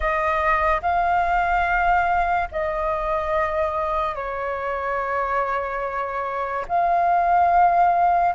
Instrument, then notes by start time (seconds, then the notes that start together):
flute
0.00 D#5
0.81 F5
2.51 D#5
4.15 C#5
6.67 F5